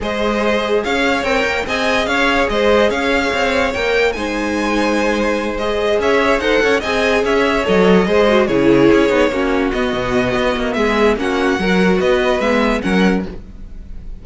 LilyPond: <<
  \new Staff \with { instrumentName = "violin" } { \time 4/4 \tempo 4 = 145 dis''2 f''4 g''4 | gis''4 f''4 dis''4 f''4~ | f''4 g''4 gis''2~ | gis''4. dis''4 e''4 fis''8~ |
fis''8 gis''4 e''4 dis''4.~ | dis''8 cis''2. dis''8~ | dis''2 e''4 fis''4~ | fis''4 dis''4 e''4 fis''4 | }
  \new Staff \with { instrumentName = "violin" } { \time 4/4 c''2 cis''2 | dis''4 cis''4 c''4 cis''4~ | cis''2 c''2~ | c''2~ c''8 cis''4 c''8 |
cis''8 dis''4 cis''2 c''8~ | c''8 gis'2 fis'4.~ | fis'2 gis'4 fis'4 | ais'4 b'2 ais'4 | }
  \new Staff \with { instrumentName = "viola" } { \time 4/4 gis'2. ais'4 | gis'1~ | gis'4 ais'4 dis'2~ | dis'4. gis'2 a'8~ |
a'8 gis'2 a'4 gis'8 | fis'8 e'4. dis'8 cis'4 b8~ | b2. cis'4 | fis'2 b4 cis'4 | }
  \new Staff \with { instrumentName = "cello" } { \time 4/4 gis2 cis'4 c'8 ais8 | c'4 cis'4 gis4 cis'4 | c'4 ais4 gis2~ | gis2~ gis8 cis'4 dis'8 |
cis'8 c'4 cis'4 fis4 gis8~ | gis8 cis4 cis'8 b8 ais4 b8 | b,4 b8 ais8 gis4 ais4 | fis4 b4 gis4 fis4 | }
>>